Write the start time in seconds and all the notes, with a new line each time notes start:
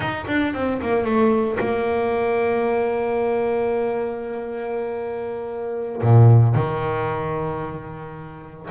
0.00 D#4
0.27 D4
0.54 C4
0.81 A#3
1.04 A3
1.59 A#3
6.01 A#2
6.54 D#3